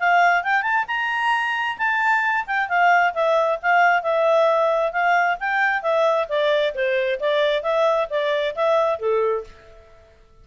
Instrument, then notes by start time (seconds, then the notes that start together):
clarinet
0.00 F5
0.43 G5
0.63 A5
0.88 A#5
1.78 A5
2.47 G5
2.69 F5
3.14 E5
3.62 F5
4.03 E5
4.92 F5
5.40 G5
5.82 E5
6.29 D5
6.75 C5
7.20 D5
7.63 E5
8.10 D5
8.56 E5
8.99 A4